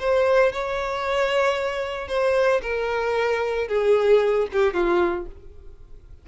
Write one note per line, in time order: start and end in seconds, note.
0.00 0.53 C5
0.53 2.08 C#5
2.08 2.61 C5
2.62 3.69 A#4
3.69 4.48 G#4
4.53 4.74 G4
4.74 5.27 F4